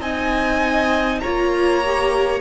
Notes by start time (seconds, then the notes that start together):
0.00 C4 D#4 D#5 G#5
1.20 A#3 F4 C#5 A#5
1.85 G4